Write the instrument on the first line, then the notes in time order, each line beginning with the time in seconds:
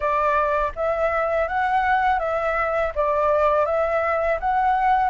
flute
0.00 D5
0.75 E5
1.48 F#5
2.19 E5
2.95 D5
3.66 E5
4.40 F#5